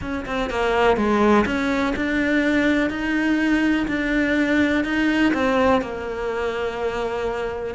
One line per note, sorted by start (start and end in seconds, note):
0.01 0.25 C#4
0.26 0.50 C4
0.50 0.96 A#3
0.96 1.45 G#3
1.45 1.94 C#4
1.96 2.90 D4
2.90 3.86 D#4
3.87 4.84 D4
4.84 5.32 D#4
5.33 5.81 C4
5.81 7.74 A#3